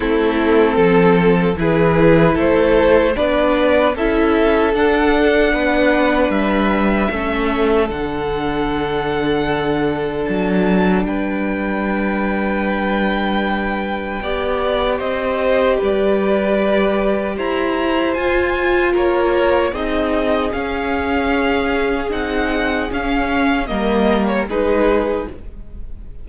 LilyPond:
<<
  \new Staff \with { instrumentName = "violin" } { \time 4/4 \tempo 4 = 76 a'2 b'4 c''4 | d''4 e''4 fis''2 | e''2 fis''2~ | fis''4 a''4 g''2~ |
g''2. dis''4 | d''2 ais''4 gis''4 | cis''4 dis''4 f''2 | fis''4 f''4 dis''8. cis''16 b'4 | }
  \new Staff \with { instrumentName = "violin" } { \time 4/4 e'4 a'4 gis'4 a'4 | b'4 a'2 b'4~ | b'4 a'2.~ | a'2 b'2~ |
b'2 d''4 c''4 | b'2 c''2 | ais'4 gis'2.~ | gis'2 ais'4 gis'4 | }
  \new Staff \with { instrumentName = "viola" } { \time 4/4 c'2 e'2 | d'4 e'4 d'2~ | d'4 cis'4 d'2~ | d'1~ |
d'2 g'2~ | g'2. f'4~ | f'4 dis'4 cis'2 | dis'4 cis'4 ais4 dis'4 | }
  \new Staff \with { instrumentName = "cello" } { \time 4/4 a4 f4 e4 a4 | b4 cis'4 d'4 b4 | g4 a4 d2~ | d4 fis4 g2~ |
g2 b4 c'4 | g2 e'4 f'4 | ais4 c'4 cis'2 | c'4 cis'4 g4 gis4 | }
>>